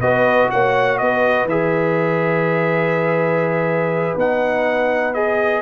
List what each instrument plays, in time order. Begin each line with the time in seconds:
0.00 tuba B3, trombone F#4, horn B4, trumpet D#5
0.50 tuba A#3, horn C#5, trumpet F#5
0.98 tuba B3, horn B4, trumpet D#5
1.45 tuba E3, trombone G#4, trumpet E5
4.16 tuba B3, trombone D#4, trumpet F#5
5.14 trombone G#4, trumpet D#5